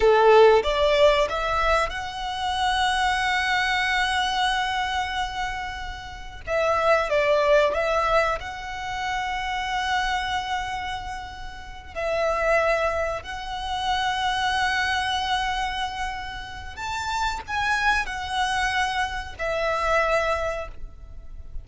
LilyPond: \new Staff \with { instrumentName = "violin" } { \time 4/4 \tempo 4 = 93 a'4 d''4 e''4 fis''4~ | fis''1~ | fis''2 e''4 d''4 | e''4 fis''2.~ |
fis''2~ fis''8 e''4.~ | e''8 fis''2.~ fis''8~ | fis''2 a''4 gis''4 | fis''2 e''2 | }